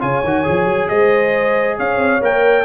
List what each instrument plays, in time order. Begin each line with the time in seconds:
0.00 tuba C#3, trombone F4, horn C#5, trumpet G#5
0.23 tuba D#3, trombone F#4
0.44 tuba F3, trombone G#4
0.65 tuba F#3
0.88 tuba G#3, horn C5, trumpet D#5
1.76 tuba C#4, horn C#5, trumpet F5
1.97 tuba C4
2.21 tuba A#3, trombone A#4, trumpet G5